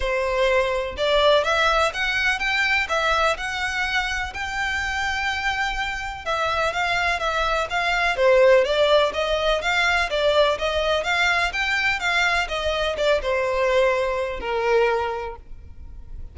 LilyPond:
\new Staff \with { instrumentName = "violin" } { \time 4/4 \tempo 4 = 125 c''2 d''4 e''4 | fis''4 g''4 e''4 fis''4~ | fis''4 g''2.~ | g''4 e''4 f''4 e''4 |
f''4 c''4 d''4 dis''4 | f''4 d''4 dis''4 f''4 | g''4 f''4 dis''4 d''8 c''8~ | c''2 ais'2 | }